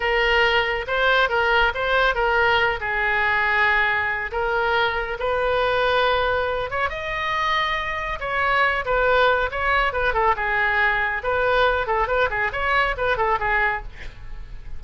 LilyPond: \new Staff \with { instrumentName = "oboe" } { \time 4/4 \tempo 4 = 139 ais'2 c''4 ais'4 | c''4 ais'4. gis'4.~ | gis'2 ais'2 | b'2.~ b'8 cis''8 |
dis''2. cis''4~ | cis''8 b'4. cis''4 b'8 a'8 | gis'2 b'4. a'8 | b'8 gis'8 cis''4 b'8 a'8 gis'4 | }